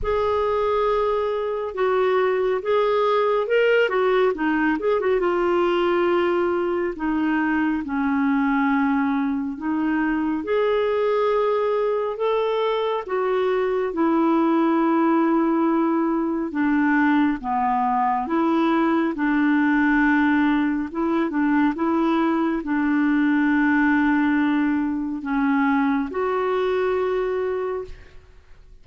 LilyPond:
\new Staff \with { instrumentName = "clarinet" } { \time 4/4 \tempo 4 = 69 gis'2 fis'4 gis'4 | ais'8 fis'8 dis'8 gis'16 fis'16 f'2 | dis'4 cis'2 dis'4 | gis'2 a'4 fis'4 |
e'2. d'4 | b4 e'4 d'2 | e'8 d'8 e'4 d'2~ | d'4 cis'4 fis'2 | }